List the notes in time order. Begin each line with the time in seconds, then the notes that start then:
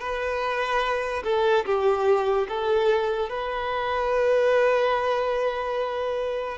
0.00 B4
1.24 A4
1.66 G4
2.48 A4
3.30 B4